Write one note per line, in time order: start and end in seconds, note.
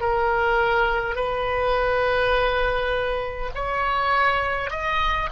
0.00 1.16 A#4
1.16 3.51 B4
3.55 4.70 C#5
4.70 5.29 D#5